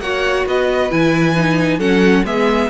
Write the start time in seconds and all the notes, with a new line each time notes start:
0.00 A#3 F#4 C#5 F#5
0.45 B3 B4 D#5
0.90 E3 E4 G#5
1.36 D#4
1.78 F#3 C#4 A4 F#5
2.24 G#3 B3 G#4 E5